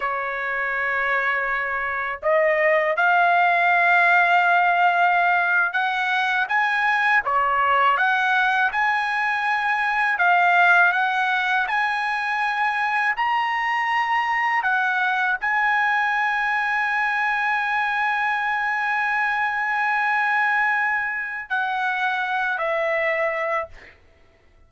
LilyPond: \new Staff \with { instrumentName = "trumpet" } { \time 4/4 \tempo 4 = 81 cis''2. dis''4 | f''2.~ f''8. fis''16~ | fis''8. gis''4 cis''4 fis''4 gis''16~ | gis''4.~ gis''16 f''4 fis''4 gis''16~ |
gis''4.~ gis''16 ais''2 fis''16~ | fis''8. gis''2.~ gis''16~ | gis''1~ | gis''4 fis''4. e''4. | }